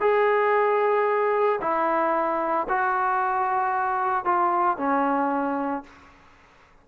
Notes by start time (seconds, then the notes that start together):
0.00 G#4
1.61 E4
2.69 F#4
4.25 F4
4.77 C#4